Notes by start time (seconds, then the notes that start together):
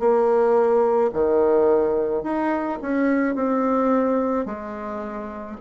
0.00 A#3
1.14 D#3
2.24 D#4
2.82 C#4
3.36 C4
4.46 G#3